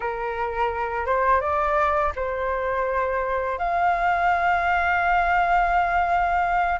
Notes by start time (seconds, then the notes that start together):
0.00 A#4
1.06 C5
1.41 D5
2.15 C5
3.58 F5